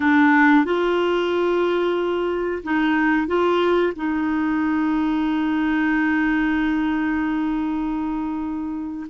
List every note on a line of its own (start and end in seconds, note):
0.00 0.64 D4
0.64 2.62 F4
2.63 3.27 D#4
3.27 3.93 F4
3.96 9.07 D#4